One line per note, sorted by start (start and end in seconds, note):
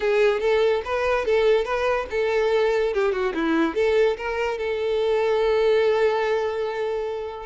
0.00 0.40 G#4
0.40 0.82 A4
0.84 1.25 B4
1.25 1.65 A4
1.65 2.06 B4
2.10 2.93 A4
2.93 3.12 G4
3.12 3.33 F#4
3.34 3.75 E4
3.75 4.16 A4
4.17 4.58 A#4
4.58 7.46 A4